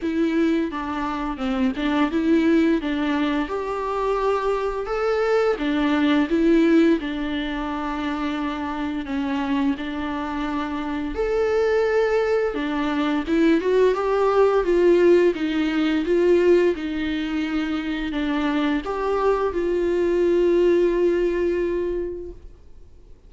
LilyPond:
\new Staff \with { instrumentName = "viola" } { \time 4/4 \tempo 4 = 86 e'4 d'4 c'8 d'8 e'4 | d'4 g'2 a'4 | d'4 e'4 d'2~ | d'4 cis'4 d'2 |
a'2 d'4 e'8 fis'8 | g'4 f'4 dis'4 f'4 | dis'2 d'4 g'4 | f'1 | }